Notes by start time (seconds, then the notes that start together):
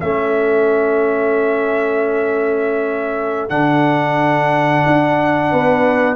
0.00 A3 C#4 A4 E5
3.49 D3 D4 F#5
4.86 D4
5.51 B3 B4